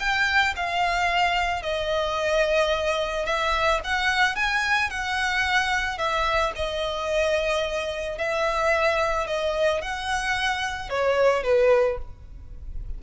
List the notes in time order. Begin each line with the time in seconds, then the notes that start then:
0.00 G5
0.56 F5
1.63 D#5
3.26 E5
3.84 F#5
4.36 G#5
4.90 F#5
5.98 E5
6.56 D#5
8.18 E5
9.27 D#5
9.82 F#5
10.90 C#5
11.43 B4